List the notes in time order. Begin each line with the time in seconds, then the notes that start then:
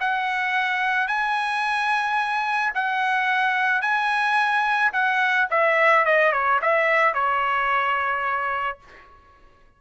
0.00 F#5
1.08 G#5
2.74 F#5
3.82 G#5
4.93 F#5
5.50 E5
6.05 D#5
6.33 C#5
6.62 E5
7.14 C#5